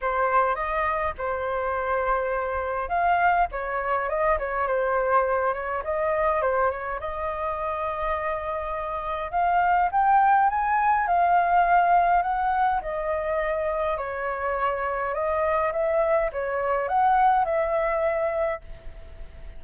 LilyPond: \new Staff \with { instrumentName = "flute" } { \time 4/4 \tempo 4 = 103 c''4 dis''4 c''2~ | c''4 f''4 cis''4 dis''8 cis''8 | c''4. cis''8 dis''4 c''8 cis''8 | dis''1 |
f''4 g''4 gis''4 f''4~ | f''4 fis''4 dis''2 | cis''2 dis''4 e''4 | cis''4 fis''4 e''2 | }